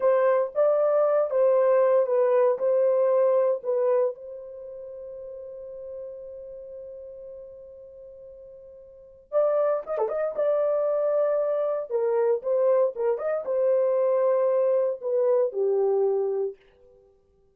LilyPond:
\new Staff \with { instrumentName = "horn" } { \time 4/4 \tempo 4 = 116 c''4 d''4. c''4. | b'4 c''2 b'4 | c''1~ | c''1~ |
c''2 d''4 dis''16 a'16 dis''8 | d''2. ais'4 | c''4 ais'8 dis''8 c''2~ | c''4 b'4 g'2 | }